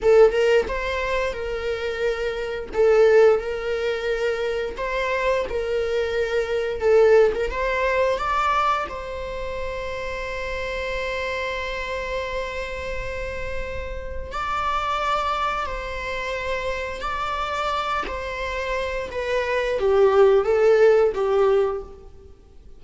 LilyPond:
\new Staff \with { instrumentName = "viola" } { \time 4/4 \tempo 4 = 88 a'8 ais'8 c''4 ais'2 | a'4 ais'2 c''4 | ais'2 a'8. ais'16 c''4 | d''4 c''2.~ |
c''1~ | c''4 d''2 c''4~ | c''4 d''4. c''4. | b'4 g'4 a'4 g'4 | }